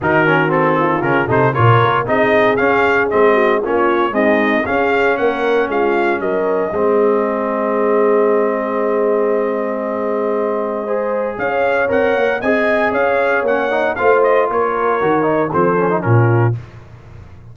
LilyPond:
<<
  \new Staff \with { instrumentName = "trumpet" } { \time 4/4 \tempo 4 = 116 ais'4 a'4 ais'8 c''8 cis''4 | dis''4 f''4 dis''4 cis''4 | dis''4 f''4 fis''4 f''4 | dis''1~ |
dis''1~ | dis''2 f''4 fis''4 | gis''4 f''4 fis''4 f''8 dis''8 | cis''2 c''4 ais'4 | }
  \new Staff \with { instrumentName = "horn" } { \time 4/4 fis'4. f'4 a'8 ais'4 | gis'2~ gis'8 fis'8 f'4 | dis'4 gis'4 ais'4 f'4 | ais'4 gis'2.~ |
gis'1~ | gis'4 c''4 cis''2 | dis''4 cis''2 c''4 | ais'2 a'4 f'4 | }
  \new Staff \with { instrumentName = "trombone" } { \time 4/4 dis'8 cis'8 c'4 cis'8 dis'8 f'4 | dis'4 cis'4 c'4 cis'4 | gis4 cis'2.~ | cis'4 c'2.~ |
c'1~ | c'4 gis'2 ais'4 | gis'2 cis'8 dis'8 f'4~ | f'4 fis'8 dis'8 c'8 cis'16 dis'16 cis'4 | }
  \new Staff \with { instrumentName = "tuba" } { \time 4/4 dis2 cis8 c8 ais,8 ais8 | c'4 cis'4 gis4 ais4 | c'4 cis'4 ais4 gis4 | fis4 gis2.~ |
gis1~ | gis2 cis'4 c'8 ais8 | c'4 cis'4 ais4 a4 | ais4 dis4 f4 ais,4 | }
>>